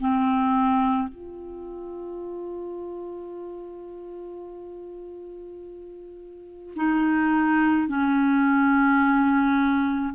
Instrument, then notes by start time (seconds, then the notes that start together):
clarinet
0.00 C4
1.08 F4
6.76 D#4
7.88 C#4